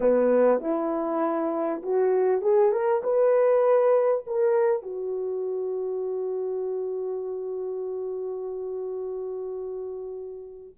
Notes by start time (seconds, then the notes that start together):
0.00 B3
0.60 E4
1.82 F#4
2.41 G#4
2.71 A#4
3.03 B4
4.26 A#4
4.82 F#4